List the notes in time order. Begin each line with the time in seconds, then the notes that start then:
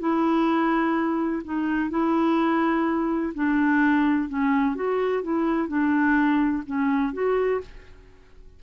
0.00 E4
1.45 D#4
1.90 E4
3.35 D4
4.29 C#4
4.76 F#4
5.23 E4
5.69 D4
6.67 C#4
7.14 F#4